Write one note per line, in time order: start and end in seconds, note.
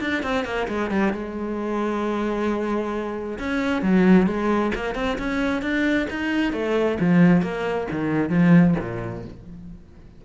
0.00 0.22 D4
0.22 0.44 C4
0.44 0.67 A#3
0.68 0.90 G#3
0.90 1.12 G3
1.12 3.38 G#3
3.38 3.81 C#4
3.81 4.26 F#3
4.26 4.71 G#3
4.75 4.95 A#3
4.95 5.17 C4
5.18 5.62 C#4
5.62 6.07 D4
6.09 6.52 D#4
6.52 6.97 A3
6.99 7.41 F3
7.41 7.87 A#3
7.91 8.29 D#3
8.29 8.74 F3
8.79 9.24 A#2